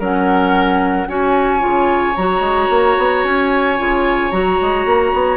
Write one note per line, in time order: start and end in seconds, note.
0.00 1.08 F#3
0.00 1.08 C#4
0.00 1.08 A#4
0.00 1.09 F#5
1.08 1.63 C#4
1.08 1.59 F#4
1.08 5.37 C#5
1.08 2.17 G#5
1.59 2.17 C#3
1.59 2.13 F4
2.17 2.41 F#3
2.17 3.78 F#4
2.17 3.25 A#5
2.41 2.68 G#3
2.70 2.97 A#3
2.98 3.24 B3
3.24 3.78 C#4
3.24 4.31 G#5
3.78 4.32 C#3
3.78 4.32 F4
4.31 4.59 F#3
4.31 5.37 F#4
4.31 5.37 A#5
4.62 4.86 G#3
4.86 5.13 A#3
5.14 5.37 B3